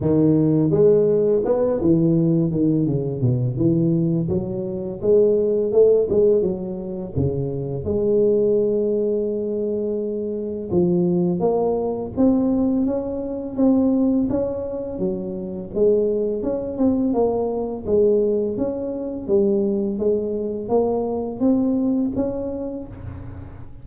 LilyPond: \new Staff \with { instrumentName = "tuba" } { \time 4/4 \tempo 4 = 84 dis4 gis4 b8 e4 dis8 | cis8 b,8 e4 fis4 gis4 | a8 gis8 fis4 cis4 gis4~ | gis2. f4 |
ais4 c'4 cis'4 c'4 | cis'4 fis4 gis4 cis'8 c'8 | ais4 gis4 cis'4 g4 | gis4 ais4 c'4 cis'4 | }